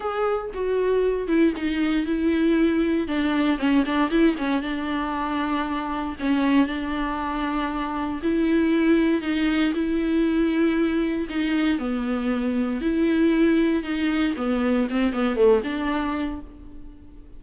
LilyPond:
\new Staff \with { instrumentName = "viola" } { \time 4/4 \tempo 4 = 117 gis'4 fis'4. e'8 dis'4 | e'2 d'4 cis'8 d'8 | e'8 cis'8 d'2. | cis'4 d'2. |
e'2 dis'4 e'4~ | e'2 dis'4 b4~ | b4 e'2 dis'4 | b4 c'8 b8 a8 d'4. | }